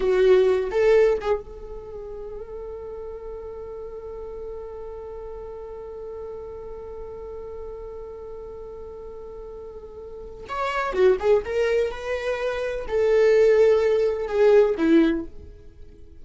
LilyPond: \new Staff \with { instrumentName = "viola" } { \time 4/4 \tempo 4 = 126 fis'4. a'4 gis'8 a'4~ | a'1~ | a'1~ | a'1~ |
a'1~ | a'2 cis''4 fis'8 gis'8 | ais'4 b'2 a'4~ | a'2 gis'4 e'4 | }